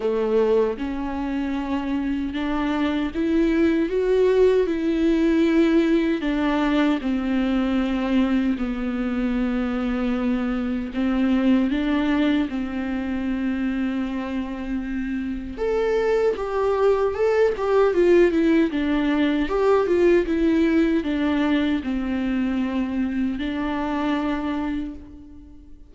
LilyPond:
\new Staff \with { instrumentName = "viola" } { \time 4/4 \tempo 4 = 77 a4 cis'2 d'4 | e'4 fis'4 e'2 | d'4 c'2 b4~ | b2 c'4 d'4 |
c'1 | a'4 g'4 a'8 g'8 f'8 e'8 | d'4 g'8 f'8 e'4 d'4 | c'2 d'2 | }